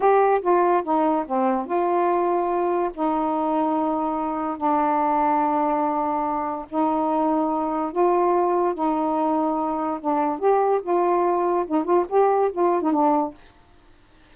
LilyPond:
\new Staff \with { instrumentName = "saxophone" } { \time 4/4 \tempo 4 = 144 g'4 f'4 dis'4 c'4 | f'2. dis'4~ | dis'2. d'4~ | d'1 |
dis'2. f'4~ | f'4 dis'2. | d'4 g'4 f'2 | dis'8 f'8 g'4 f'8. dis'16 d'4 | }